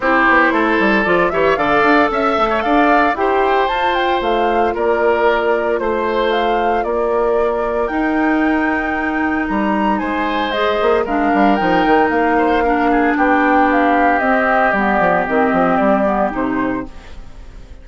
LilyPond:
<<
  \new Staff \with { instrumentName = "flute" } { \time 4/4 \tempo 4 = 114 c''2 d''8 e''8 f''4 | e''4 f''4 g''4 a''8 g''8 | f''4 d''2 c''4 | f''4 d''2 g''4~ |
g''2 ais''4 gis''4 | dis''4 f''4 g''4 f''4~ | f''4 g''4 f''4 dis''4 | d''4 dis''4 d''4 c''4 | }
  \new Staff \with { instrumentName = "oboe" } { \time 4/4 g'4 a'4. cis''8 d''4 | e''8. cis''16 d''4 c''2~ | c''4 ais'2 c''4~ | c''4 ais'2.~ |
ais'2. c''4~ | c''4 ais'2~ ais'8 c''8 | ais'8 gis'8 g'2.~ | g'1 | }
  \new Staff \with { instrumentName = "clarinet" } { \time 4/4 e'2 f'8 g'8 a'4~ | a'2 g'4 f'4~ | f'1~ | f'2. dis'4~ |
dis'1 | gis'4 d'4 dis'2 | d'2. c'4 | b4 c'4. b8 dis'4 | }
  \new Staff \with { instrumentName = "bassoon" } { \time 4/4 c'8 b8 a8 g8 f8 e8 d8 d'8 | cis'8 a8 d'4 e'4 f'4 | a4 ais2 a4~ | a4 ais2 dis'4~ |
dis'2 g4 gis4~ | gis8 ais8 gis8 g8 f8 dis8 ais4~ | ais4 b2 c'4 | g8 f8 dis8 f8 g4 c4 | }
>>